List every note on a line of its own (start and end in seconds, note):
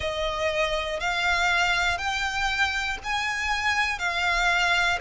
0.00 1.00 D#5
1.00 1.97 F5
1.97 2.97 G5
3.03 3.98 G#5
3.98 4.98 F5